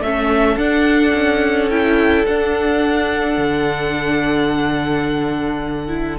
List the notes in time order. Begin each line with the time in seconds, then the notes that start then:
0.00 A3 C#4 A4 E5
0.57 D4 F#5
1.14 C#4
1.70 E4 G5
2.26 D4 F#5
3.38 D3
5.88 E4